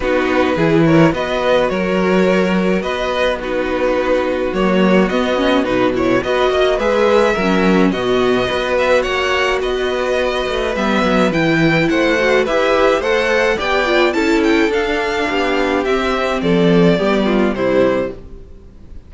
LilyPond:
<<
  \new Staff \with { instrumentName = "violin" } { \time 4/4 \tempo 4 = 106 b'4. cis''8 dis''4 cis''4~ | cis''4 dis''4 b'2 | cis''4 dis''4 b'8 cis''8 dis''4 | e''2 dis''4. e''8 |
fis''4 dis''2 e''4 | g''4 fis''4 e''4 fis''4 | g''4 a''8 g''8 f''2 | e''4 d''2 c''4 | }
  \new Staff \with { instrumentName = "violin" } { \time 4/4 fis'4 gis'8 ais'8 b'4 ais'4~ | ais'4 b'4 fis'2~ | fis'2. b'8 dis''8 | b'4 ais'4 fis'4 b'4 |
cis''4 b'2.~ | b'4 c''4 b'4 c''4 | d''4 a'2 g'4~ | g'4 a'4 g'8 f'8 e'4 | }
  \new Staff \with { instrumentName = "viola" } { \time 4/4 dis'4 e'4 fis'2~ | fis'2 dis'2 | ais4 b8 cis'8 dis'8 e'8 fis'4 | gis'4 cis'4 b4 fis'4~ |
fis'2. b4 | e'4. fis'8 g'4 a'4 | g'8 f'8 e'4 d'2 | c'2 b4 g4 | }
  \new Staff \with { instrumentName = "cello" } { \time 4/4 b4 e4 b4 fis4~ | fis4 b2. | fis4 b4 b,4 b8 ais8 | gis4 fis4 b,4 b4 |
ais4 b4. a8 g8 fis8 | e4 a4 e'4 a4 | b4 cis'4 d'4 b4 | c'4 f4 g4 c4 | }
>>